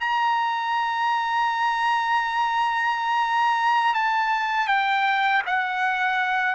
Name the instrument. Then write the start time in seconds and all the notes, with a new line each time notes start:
trumpet
0.00 A#5
3.94 A5
4.67 G5
5.46 F#5